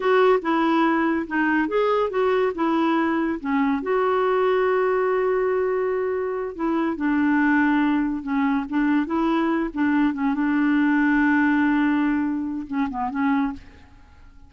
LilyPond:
\new Staff \with { instrumentName = "clarinet" } { \time 4/4 \tempo 4 = 142 fis'4 e'2 dis'4 | gis'4 fis'4 e'2 | cis'4 fis'2.~ | fis'2.~ fis'8 e'8~ |
e'8 d'2. cis'8~ | cis'8 d'4 e'4. d'4 | cis'8 d'2.~ d'8~ | d'2 cis'8 b8 cis'4 | }